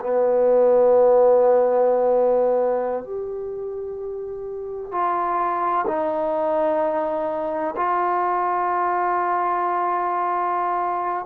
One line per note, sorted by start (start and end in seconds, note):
0.00 3.04 B3
3.04 4.91 G4
4.91 5.85 F4
5.87 7.75 D#4
7.76 11.25 F4